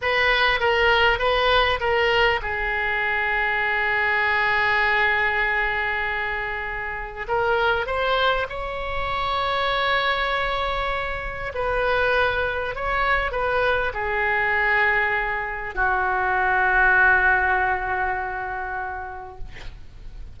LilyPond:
\new Staff \with { instrumentName = "oboe" } { \time 4/4 \tempo 4 = 99 b'4 ais'4 b'4 ais'4 | gis'1~ | gis'1 | ais'4 c''4 cis''2~ |
cis''2. b'4~ | b'4 cis''4 b'4 gis'4~ | gis'2 fis'2~ | fis'1 | }